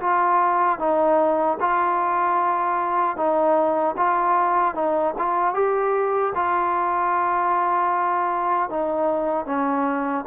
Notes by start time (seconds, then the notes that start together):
0.00 F4
0.79 D#4
1.60 F4
3.16 D#4
3.97 F4
4.74 D#4
5.18 F4
5.54 G4
6.34 F4
8.69 D#4
9.45 C#4